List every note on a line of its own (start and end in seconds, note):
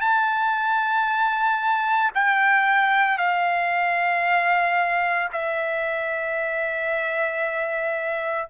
0.00 2.11 A5
2.14 3.18 G5
3.18 5.28 F5
5.32 8.48 E5